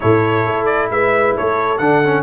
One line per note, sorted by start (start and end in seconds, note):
0.00 0.45 A2
0.00 1.77 E4
0.00 0.91 A4
0.00 0.65 C#5
0.45 0.90 A3
0.65 0.87 D5
0.90 1.35 G#3
0.90 1.36 B4
0.90 1.36 E5
1.36 1.79 A3
1.36 2.22 A4
1.36 1.78 C#5
1.78 2.22 D3
1.78 2.03 D4
1.78 2.22 F#5
2.04 2.22 C#4